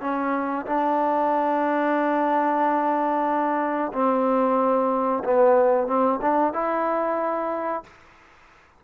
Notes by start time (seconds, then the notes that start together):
0.00 C#4
0.66 D4
3.92 C4
5.24 B3
5.87 C4
6.21 D4
6.53 E4